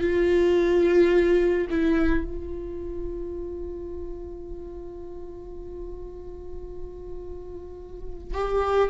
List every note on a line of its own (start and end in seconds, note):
0.00 1.67 F4
1.70 2.24 E4
2.24 8.33 F4
8.33 8.89 G4